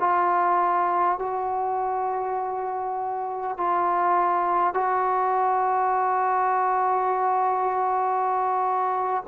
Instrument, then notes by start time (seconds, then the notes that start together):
trombone
0.00 F4
1.19 F#4
3.58 F4
4.75 F#4